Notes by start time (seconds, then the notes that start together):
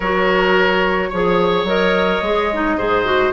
0.00 F#3 F#4 A#4 C#5
1.09 F3 G#4 C#5
1.64 F#3 A#4 D#5
2.21 G#3 G#4
2.52 D#4
2.76 G#2 G#4 C5
3.05 F#4